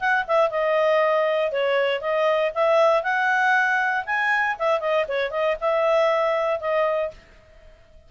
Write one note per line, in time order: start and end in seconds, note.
0.00 0.25 F#5
0.28 0.50 E5
0.50 1.52 D#5
1.52 2.01 C#5
2.01 2.52 D#5
2.55 3.03 E5
3.03 4.05 F#5
4.06 4.57 G#5
4.59 4.80 E5
4.80 5.06 D#5
5.08 5.31 C#5
5.31 5.56 D#5
5.61 6.60 E5
6.60 7.11 D#5